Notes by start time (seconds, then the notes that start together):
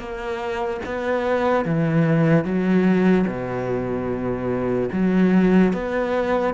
0.00 A#3
0.86 B3
1.65 E3
2.45 F#3
3.27 B2
4.93 F#3
5.74 B3